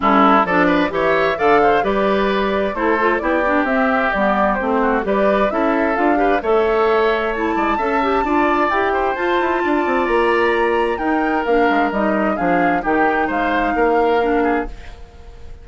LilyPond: <<
  \new Staff \with { instrumentName = "flute" } { \time 4/4 \tempo 4 = 131 a'4 d''4 e''4 f''4 | d''2 c''4 d''4 | e''4 d''4 c''4 d''4 | e''4 f''4 e''2 |
a''2. g''4 | a''2 ais''2 | g''4 f''4 dis''4 f''4 | g''4 f''2. | }
  \new Staff \with { instrumentName = "oboe" } { \time 4/4 e'4 a'8 b'8 cis''4 d''8 c''8 | b'2 a'4 g'4~ | g'2~ g'8 fis'8 b'4 | a'4. b'8 cis''2~ |
cis''8 d''8 e''4 d''4. c''8~ | c''4 d''2. | ais'2. gis'4 | g'4 c''4 ais'4. gis'8 | }
  \new Staff \with { instrumentName = "clarinet" } { \time 4/4 cis'4 d'4 g'4 a'4 | g'2 e'8 f'8 e'8 d'8 | c'4 b4 c'4 g'4 | e'4 f'8 g'8 a'2 |
e'4 a'8 g'8 f'4 g'4 | f'1 | dis'4 d'4 dis'4 d'4 | dis'2. d'4 | }
  \new Staff \with { instrumentName = "bassoon" } { \time 4/4 g4 f4 e4 d4 | g2 a4 b4 | c'4 g4 a4 g4 | cis'4 d'4 a2~ |
a8 gis8 cis'4 d'4 e'4 | f'8 e'8 d'8 c'8 ais2 | dis'4 ais8 gis8 g4 f4 | dis4 gis4 ais2 | }
>>